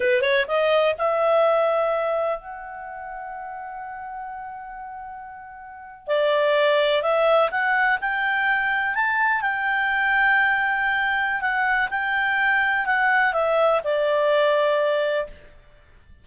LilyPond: \new Staff \with { instrumentName = "clarinet" } { \time 4/4 \tempo 4 = 126 b'8 cis''8 dis''4 e''2~ | e''4 fis''2.~ | fis''1~ | fis''8. d''2 e''4 fis''16~ |
fis''8. g''2 a''4 g''16~ | g''1 | fis''4 g''2 fis''4 | e''4 d''2. | }